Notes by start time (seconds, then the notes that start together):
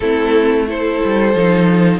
0.00 A3 C4 E4 A4
0.67 E4 A4 C5
1.04 G3
1.35 F3 D#4